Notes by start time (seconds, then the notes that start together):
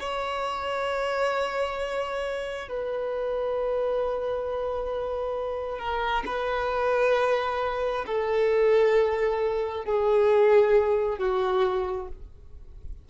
0.00 C#5
2.69 B4
5.79 A#4
6.26 B4
8.06 A4
9.85 G#4
11.19 F#4